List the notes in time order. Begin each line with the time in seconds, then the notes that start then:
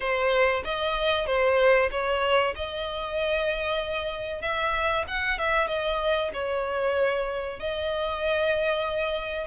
0.00 C5
0.64 D#5
1.26 C5
1.91 C#5
2.56 D#5
4.41 E5
5.07 F#5
5.38 E5
5.67 D#5
6.33 C#5
7.59 D#5